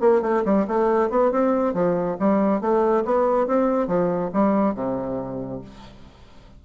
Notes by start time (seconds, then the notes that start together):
0.00 A#3
0.22 A3
0.45 G3
0.67 A3
1.09 B3
1.31 C4
1.73 F3
2.19 G3
2.61 A3
3.05 B3
3.47 C4
3.87 F3
4.33 G3
4.74 C3